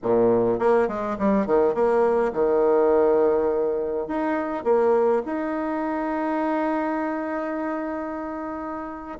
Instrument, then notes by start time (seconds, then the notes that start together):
bassoon
0.03 A#2
0.59 A#3
0.88 G#3
1.18 G3
1.46 D#3
1.74 A#3
2.32 D#3
4.07 D#4
4.64 A#3
5.25 D#4